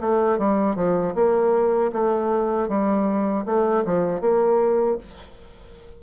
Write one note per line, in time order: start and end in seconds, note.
0.00 0.38 A3
0.38 0.76 G3
0.76 1.14 F3
1.15 1.92 A#3
1.92 2.68 A3
2.68 3.45 G3
3.45 3.84 A3
3.85 4.20 F3
4.20 4.97 A#3